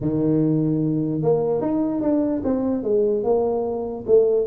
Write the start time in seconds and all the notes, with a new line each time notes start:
0.00 D#3
1.22 A#3
1.61 D#4
2.01 D4
2.43 C4
2.83 G#3
3.23 A#3
4.06 A3